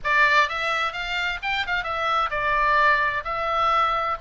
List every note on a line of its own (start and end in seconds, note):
0.03 0.48 D5
0.48 0.92 E5
0.92 1.39 F5
1.42 1.65 G5
1.66 1.83 F5
1.83 2.30 E5
2.30 3.23 D5
3.24 4.17 E5